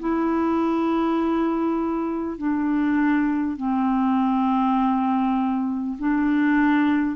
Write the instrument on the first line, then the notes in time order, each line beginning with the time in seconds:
clarinet
0.00 E4
2.38 D4
3.57 C4
5.99 D4